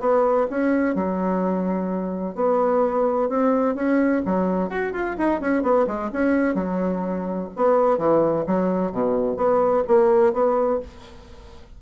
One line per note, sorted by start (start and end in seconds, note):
0.00 0.47 B3
0.50 0.95 C#4
0.95 2.35 F#3
2.35 3.29 B3
3.29 3.75 C4
3.75 4.22 C#4
4.25 4.69 F#3
4.69 4.93 F#4
4.93 5.16 F4
5.18 5.41 D#4
5.41 5.63 C#4
5.63 5.86 B3
5.87 6.10 G#3
6.13 6.55 C#4
6.55 7.49 F#3
7.56 7.98 B3
7.98 8.45 E3
8.47 8.92 F#3
8.92 9.36 B2
9.36 9.83 B3
9.87 10.33 A#3
10.33 10.80 B3